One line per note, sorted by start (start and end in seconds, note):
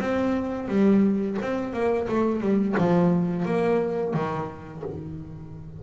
0.00 0.69 C4
0.69 1.38 G3
1.42 1.73 C4
1.73 2.08 A#3
2.08 2.41 A3
2.41 2.75 G3
2.78 3.46 F3
3.46 4.14 A#3
4.14 4.83 D#3